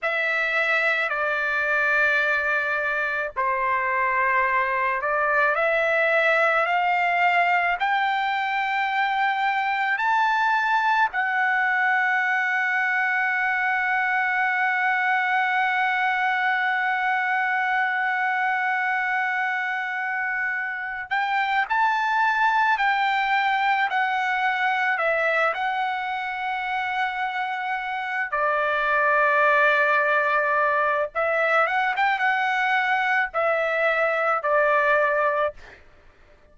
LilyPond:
\new Staff \with { instrumentName = "trumpet" } { \time 4/4 \tempo 4 = 54 e''4 d''2 c''4~ | c''8 d''8 e''4 f''4 g''4~ | g''4 a''4 fis''2~ | fis''1~ |
fis''2. g''8 a''8~ | a''8 g''4 fis''4 e''8 fis''4~ | fis''4. d''2~ d''8 | e''8 fis''16 g''16 fis''4 e''4 d''4 | }